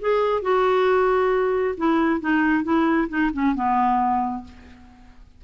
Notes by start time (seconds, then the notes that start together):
0.00 G#4
0.42 F#4
1.77 E4
2.20 D#4
2.63 E4
3.08 D#4
3.33 C#4
3.55 B3